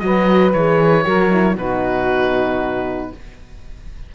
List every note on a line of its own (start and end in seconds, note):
0.00 0.54 F#3
0.00 0.52 F#4
0.00 1.05 B4
0.00 0.52 D#5
0.54 1.06 E3
0.54 1.04 G#4
0.54 1.57 C#5
1.04 1.56 F#3
1.04 1.30 F#4
1.04 1.56 A#4
1.32 1.58 E4
1.56 3.11 B2
1.56 3.15 D#4
1.56 3.13 F#4
1.56 3.13 B4